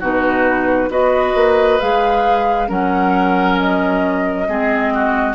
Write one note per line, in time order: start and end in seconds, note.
0.00 0.89 B2
0.00 0.90 D#4
0.00 0.90 F#4
0.00 0.92 B4
0.89 1.34 B3
0.89 1.80 F#4
0.89 2.69 B4
0.89 1.80 D#5
1.35 1.80 A#3
1.80 2.69 G#3
1.80 2.68 G#4
1.80 2.70 F5
2.68 4.48 F#3
2.68 4.47 C#4
2.68 4.48 A#4
2.68 3.59 F#5
3.59 5.35 D#5
4.48 5.35 G#3
4.48 5.35 C4
4.48 4.94 G#4
4.94 5.35 F#4